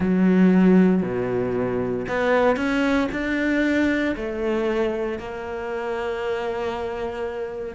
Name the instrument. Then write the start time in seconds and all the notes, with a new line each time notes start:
cello
0.00 F#3
1.03 B2
2.07 B3
2.56 C#4
3.12 D4
4.15 A3
5.18 A#3